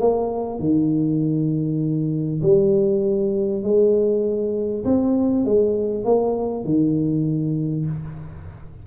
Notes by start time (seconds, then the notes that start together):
0.00 A#3
0.60 D#3
2.42 G3
3.63 G#3
4.85 C4
5.45 G#3
6.05 A#3
6.65 D#3